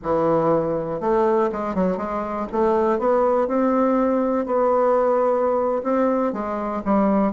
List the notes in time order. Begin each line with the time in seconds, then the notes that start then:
0.02 E3
1.00 A3
1.52 G#3
1.74 F#3
1.97 G#3
2.52 A3
2.98 B3
3.47 C4
4.46 B3
5.83 C4
6.32 G#3
6.84 G3